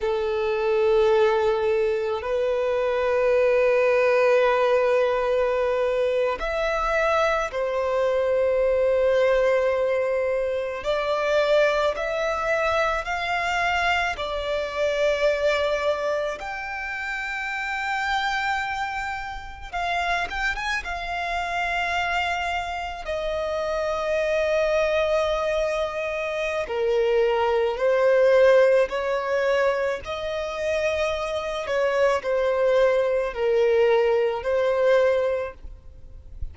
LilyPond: \new Staff \with { instrumentName = "violin" } { \time 4/4 \tempo 4 = 54 a'2 b'2~ | b'4.~ b'16 e''4 c''4~ c''16~ | c''4.~ c''16 d''4 e''4 f''16~ | f''8. d''2 g''4~ g''16~ |
g''4.~ g''16 f''8 g''16 gis''16 f''4~ f''16~ | f''8. dis''2.~ dis''16 | ais'4 c''4 cis''4 dis''4~ | dis''8 cis''8 c''4 ais'4 c''4 | }